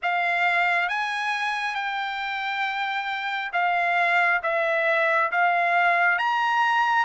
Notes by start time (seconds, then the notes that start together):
0.02 F5
0.88 G#5
1.74 G5
3.53 F5
4.42 E5
5.31 F5
6.18 A#5